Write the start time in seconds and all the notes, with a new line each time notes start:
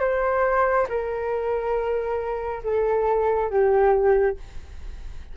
0.00 C5
0.89 A#4
2.63 A4
3.50 G4